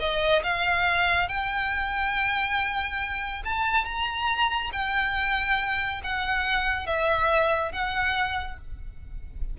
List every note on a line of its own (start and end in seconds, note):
0.00 0.43 D#5
0.44 1.29 F5
1.29 3.43 G5
3.45 3.85 A5
3.85 4.71 A#5
4.73 6.01 G5
6.04 6.86 F#5
6.86 7.72 E5
7.72 8.58 F#5